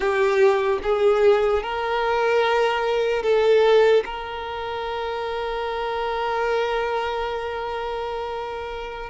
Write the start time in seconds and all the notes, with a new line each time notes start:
0.00 G4
0.83 G#4
1.62 A#4
3.22 A4
4.05 A#4